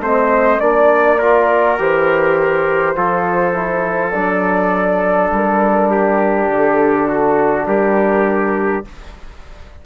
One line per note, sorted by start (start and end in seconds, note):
0.00 0.59 A3
0.00 0.60 C4
0.00 0.60 C5
0.00 0.60 D#5
0.60 1.78 A#3
0.60 1.19 D4
0.60 1.78 D5
0.60 1.19 D5
1.19 1.79 F4
1.19 2.95 A#4
1.79 2.97 E3
1.79 2.96 G4
1.79 4.11 C5
2.96 4.15 F3
2.96 3.54 F4
2.96 5.91 A4
3.54 4.13 E4
4.11 5.30 F#3
4.11 8.85 D4
4.11 5.28 D5
5.30 6.48 G3
5.30 6.52 A#4
5.91 7.08 G4
6.48 7.65 D3
6.48 7.67 A4
7.08 7.67 F#4
7.66 8.84 G3
7.66 8.86 G4
7.66 8.85 A#4